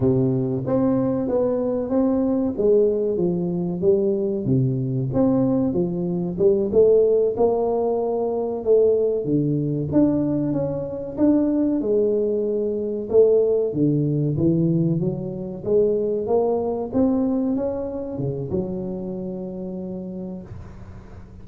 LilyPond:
\new Staff \with { instrumentName = "tuba" } { \time 4/4 \tempo 4 = 94 c4 c'4 b4 c'4 | gis4 f4 g4 c4 | c'4 f4 g8 a4 ais8~ | ais4. a4 d4 d'8~ |
d'8 cis'4 d'4 gis4.~ | gis8 a4 d4 e4 fis8~ | fis8 gis4 ais4 c'4 cis'8~ | cis'8 cis8 fis2. | }